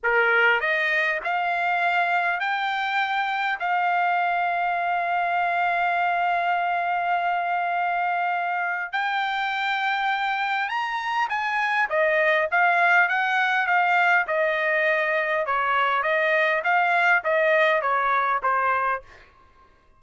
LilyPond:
\new Staff \with { instrumentName = "trumpet" } { \time 4/4 \tempo 4 = 101 ais'4 dis''4 f''2 | g''2 f''2~ | f''1~ | f''2. g''4~ |
g''2 ais''4 gis''4 | dis''4 f''4 fis''4 f''4 | dis''2 cis''4 dis''4 | f''4 dis''4 cis''4 c''4 | }